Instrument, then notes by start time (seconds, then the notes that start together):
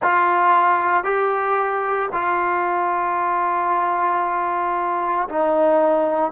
trombone
0.02 F4
1.03 G4
2.12 F4
5.29 D#4